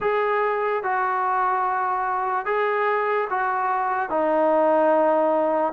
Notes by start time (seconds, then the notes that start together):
0.00 G#4
0.83 F#4
2.45 G#4
3.30 F#4
4.09 D#4